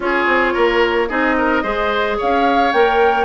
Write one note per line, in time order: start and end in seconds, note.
0.00 0.26 C#4
0.00 1.09 F4
0.00 0.53 G#4
0.00 1.08 C#5
0.26 0.53 C4
0.53 1.10 A#3
0.53 1.08 A#4
1.08 1.63 C4
1.08 1.62 D#4
1.08 1.36 G#4
1.08 2.17 D#5
1.37 1.62 A#4
1.62 2.18 G#3
1.62 2.72 G#4
1.62 2.17 C5
2.17 2.73 C#4
2.17 3.25 C#5
2.17 2.72 F5
2.72 3.25 A#3
2.72 3.25 A#4
2.72 3.25 G5